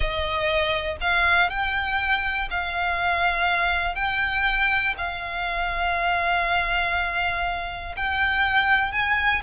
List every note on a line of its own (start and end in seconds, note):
0.00 0.97 D#5
1.01 1.49 F5
1.49 2.48 G5
2.50 3.95 F5
3.95 4.94 G5
4.97 7.95 F5
7.96 8.92 G5
8.92 9.41 G#5